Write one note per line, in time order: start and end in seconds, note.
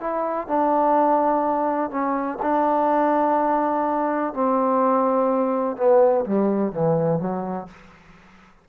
0.00 0.47 E4
0.47 1.90 D4
1.90 2.38 C#4
2.42 4.33 D4
4.33 5.76 C4
5.76 6.24 B3
6.25 6.72 G3
6.72 7.19 E3
7.19 7.67 F#3